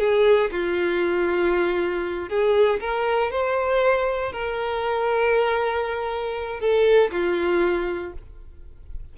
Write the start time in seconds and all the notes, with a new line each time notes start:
0.00 G#4
0.52 F4
2.30 G#4
2.81 A#4
3.32 C5
4.33 A#4
6.61 A4
7.12 F4